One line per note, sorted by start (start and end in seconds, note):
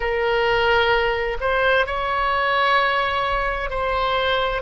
0.00 1.37 A#4
1.40 1.86 C5
1.86 3.70 C#5
3.70 4.62 C5